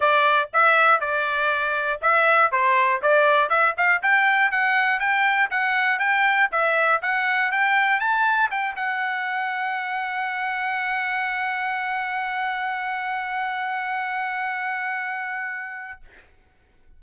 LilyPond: \new Staff \with { instrumentName = "trumpet" } { \time 4/4 \tempo 4 = 120 d''4 e''4 d''2 | e''4 c''4 d''4 e''8 f''8 | g''4 fis''4 g''4 fis''4 | g''4 e''4 fis''4 g''4 |
a''4 g''8 fis''2~ fis''8~ | fis''1~ | fis''1~ | fis''1 | }